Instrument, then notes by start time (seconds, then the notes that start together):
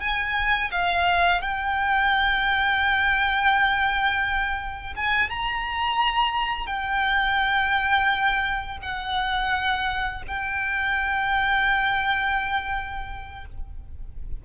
violin
0.00 G#5
0.71 F5
1.41 G5
4.96 G#5
5.29 A#5
6.66 G5
8.82 F#5
10.28 G5